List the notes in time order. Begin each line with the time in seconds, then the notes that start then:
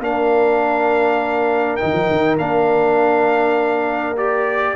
0.00 A#3 D4 A#4 F5
1.77 D#4 G5
1.84 D#3
1.94 F3
2.11 D#3
2.38 A#3 D4 F5
4.17 G4 D5